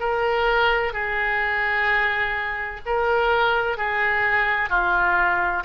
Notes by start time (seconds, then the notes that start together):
0.00 A#4
0.93 G#4
2.86 A#4
3.78 G#4
4.70 F4